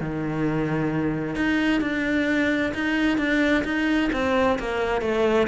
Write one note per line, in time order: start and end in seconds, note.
0.00 1.35 D#3
1.35 1.81 D#4
1.81 2.72 D4
2.74 3.18 D#4
3.18 3.63 D4
3.64 4.10 D#4
4.12 4.58 C4
4.59 5.01 A#3
5.01 5.47 A3